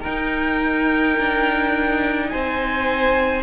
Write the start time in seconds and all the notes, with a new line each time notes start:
0.00 D#4 A#4 G5
1.18 D4
2.29 C4 C5 G#5